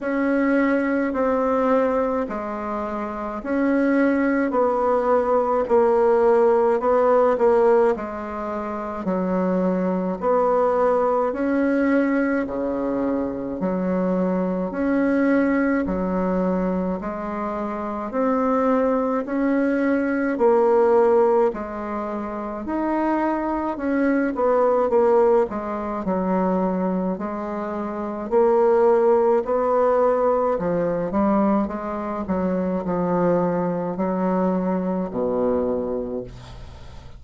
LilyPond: \new Staff \with { instrumentName = "bassoon" } { \time 4/4 \tempo 4 = 53 cis'4 c'4 gis4 cis'4 | b4 ais4 b8 ais8 gis4 | fis4 b4 cis'4 cis4 | fis4 cis'4 fis4 gis4 |
c'4 cis'4 ais4 gis4 | dis'4 cis'8 b8 ais8 gis8 fis4 | gis4 ais4 b4 f8 g8 | gis8 fis8 f4 fis4 b,4 | }